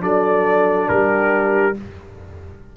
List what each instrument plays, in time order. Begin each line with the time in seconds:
0.00 tuba F#3, trombone D4, horn A4, trumpet D5
0.88 tuba G3, horn G4, trumpet A#4